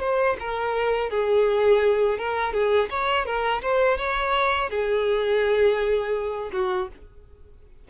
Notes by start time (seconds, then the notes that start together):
0.00 C5
0.39 A#4
1.10 G#4
2.18 A#4
2.53 G#4
2.90 C#5
3.25 A#4
3.62 C5
3.97 C#5
4.70 G#4
6.52 F#4